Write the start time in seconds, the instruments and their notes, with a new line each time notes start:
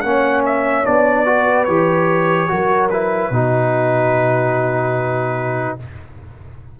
0.00 tuba A#3, trombone C#4, horn C#5, trumpet F#5
0.46 trumpet E5
0.84 tuba B3, trombone D4, trumpet D5
1.25 trombone F#4, horn B4
1.64 tuba E3, trombone G4, trumpet C#5
2.48 tuba F#3, trombone F#4, horn A#4
2.90 trombone E4, trumpet B4
3.30 tuba B2, trombone D#4, horn F#4